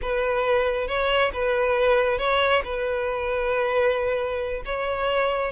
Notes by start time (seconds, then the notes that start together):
0.01 B4
0.87 C#5
1.33 B4
2.18 C#5
2.64 B4
4.65 C#5